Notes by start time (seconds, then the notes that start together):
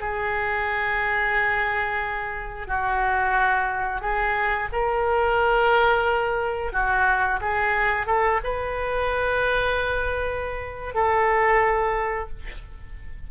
0.00 G#4
2.67 F#4
4.01 G#4
4.73 A#4
6.72 F#4
7.41 G#4
8.06 A4
8.44 B4
10.95 A4